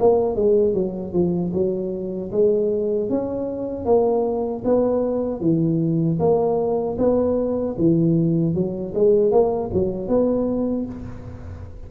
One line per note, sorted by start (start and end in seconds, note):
0.00 0.36 A#3
0.36 0.74 G#3
0.74 1.13 F#3
1.13 1.52 F3
1.54 2.32 F#3
2.32 3.10 G#3
3.10 3.86 C#4
3.86 4.64 A#3
4.65 5.41 B3
5.41 6.19 E3
6.20 6.98 A#3
6.98 7.76 B3
7.79 8.55 E3
8.55 8.94 F#3
8.95 9.32 G#3
9.32 9.71 A#3
9.74 10.08 F#3
10.08 10.86 B3